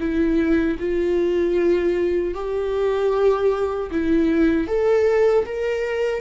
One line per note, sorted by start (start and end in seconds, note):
0.00 0.78 E4
0.79 2.34 F4
2.34 3.90 G4
3.91 4.67 E4
4.67 5.45 A4
5.45 6.21 A#4